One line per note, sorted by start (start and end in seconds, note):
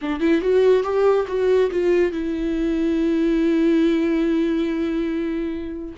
0.01 0.19 D4
0.19 0.41 E4
0.41 0.83 F#4
0.83 1.26 G4
1.27 1.70 F#4
1.70 2.12 F4
2.12 5.95 E4